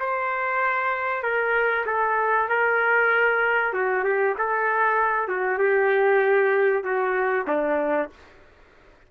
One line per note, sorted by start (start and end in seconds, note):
0.00 1.23 C5
1.23 1.86 A#4
1.87 2.49 A4
2.49 3.74 A#4
3.74 4.04 F#4
4.04 4.36 G4
4.38 5.28 A4
5.28 5.59 F#4
5.59 6.84 G4
6.84 7.47 F#4
7.48 8.10 D4